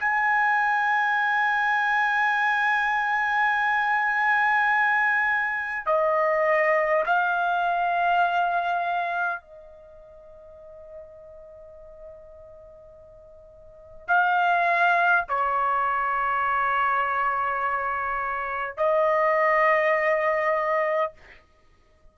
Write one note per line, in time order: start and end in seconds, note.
0.00 5.86 G#5
5.86 7.04 D#5
7.06 9.41 F5
9.41 14.07 D#5
14.07 15.25 F5
15.28 18.77 C#5
18.77 21.12 D#5